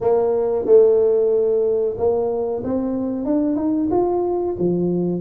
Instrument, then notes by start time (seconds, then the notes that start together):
tuba
0.00 A#3
0.65 A3
1.97 A#3
2.64 C4
3.25 D4
3.56 D#4
3.90 F4
4.58 F3